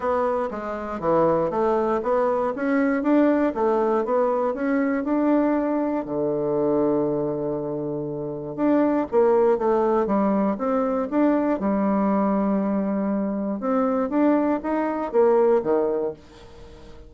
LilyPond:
\new Staff \with { instrumentName = "bassoon" } { \time 4/4 \tempo 4 = 119 b4 gis4 e4 a4 | b4 cis'4 d'4 a4 | b4 cis'4 d'2 | d1~ |
d4 d'4 ais4 a4 | g4 c'4 d'4 g4~ | g2. c'4 | d'4 dis'4 ais4 dis4 | }